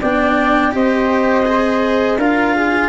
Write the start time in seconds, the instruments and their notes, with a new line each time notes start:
0.00 tuba B3, cello D4, flute D5, clarinet G5
0.71 tuba C4, cello G4, flute C5, clarinet D#5
1.45 cello G#4
2.16 tuba D4, cello F4, flute A#4, clarinet F5
2.55 flute G#4